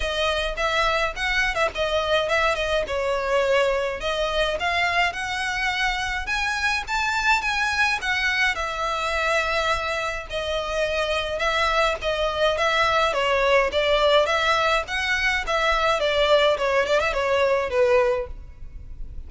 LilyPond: \new Staff \with { instrumentName = "violin" } { \time 4/4 \tempo 4 = 105 dis''4 e''4 fis''8. e''16 dis''4 | e''8 dis''8 cis''2 dis''4 | f''4 fis''2 gis''4 | a''4 gis''4 fis''4 e''4~ |
e''2 dis''2 | e''4 dis''4 e''4 cis''4 | d''4 e''4 fis''4 e''4 | d''4 cis''8 d''16 e''16 cis''4 b'4 | }